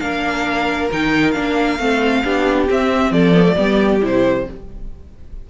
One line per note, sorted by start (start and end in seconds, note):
0.00 0.90 A#3
0.00 0.91 D4
0.00 1.80 A#4
0.00 0.89 F5
0.91 1.36 D#3
0.91 1.34 D#4
0.91 1.31 G5
1.31 1.79 A#3
1.31 1.78 D4
1.31 2.65 F5
1.79 2.24 A3
1.79 2.24 C4
1.79 2.24 A4
2.24 2.69 B3
2.24 2.69 D4
2.24 3.13 G4
2.70 3.34 C4
2.70 3.11 C4
2.70 3.12 E5
3.11 3.55 F3
3.11 3.57 A4
3.11 4.01 D5
3.34 3.44 B3
3.44 3.55 A3
3.56 4.02 G3
3.56 4.01 B3
3.56 4.46 G4
4.01 4.48 C3
4.01 4.46 E4
4.01 4.50 C5